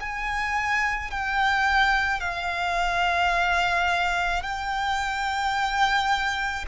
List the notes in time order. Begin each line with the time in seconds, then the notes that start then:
0.00 G#5
1.11 G5
2.20 F5
4.43 G5